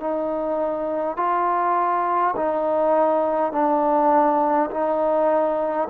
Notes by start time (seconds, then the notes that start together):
0.00 D#4
1.17 F4
2.36 D#4
3.52 D4
4.71 D#4